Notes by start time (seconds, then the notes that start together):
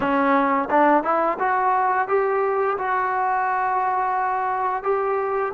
0.00 C#4
0.70 D4
1.03 E4
1.39 F#4
2.08 G4
2.77 F#4
4.83 G4